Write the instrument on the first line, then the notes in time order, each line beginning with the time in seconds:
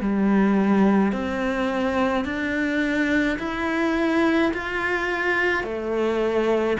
cello
0.00 G3
1.12 C4
2.24 D4
3.39 E4
4.53 F4
5.63 A3